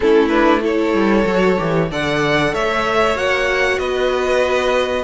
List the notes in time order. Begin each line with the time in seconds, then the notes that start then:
0.00 A3 C#4 E4 A4
0.28 D4 B4
0.61 E4 A4 C#5
0.93 G3
1.25 F#3 F#4
1.57 E3 G4
1.91 D3 A4 D5 F#5
2.53 A3 C#5 E5
3.15 A#3 F#4 F#5
3.78 B3 B4 D#5